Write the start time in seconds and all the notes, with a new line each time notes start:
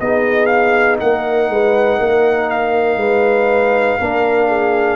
0.00 B3 D#4 G#4 D#5
0.46 F5
1.00 A#3 A#4 F#5
1.49 G#3 B4
1.99 A#3 A#4
2.50 F5
2.96 G#3 B4
3.99 A#3 D4 A#4
4.49 G#4